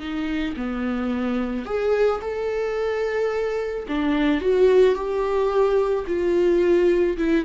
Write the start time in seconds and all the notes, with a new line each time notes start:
0.00 D#4
0.57 B3
1.66 G#4
2.21 A4
3.88 D4
4.41 F#4
4.95 G4
6.07 F4
7.18 E4